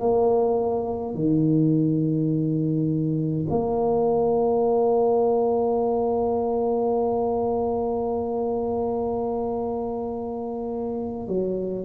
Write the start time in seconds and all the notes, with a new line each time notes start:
0.00 A#3
1.14 D#3
3.50 A#3
11.28 F#3